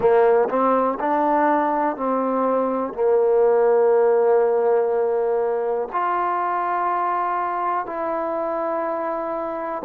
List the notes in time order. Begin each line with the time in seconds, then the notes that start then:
0.00 A#3
0.49 C4
0.99 D4
1.96 C4
2.93 A#3
5.92 F4
7.86 E4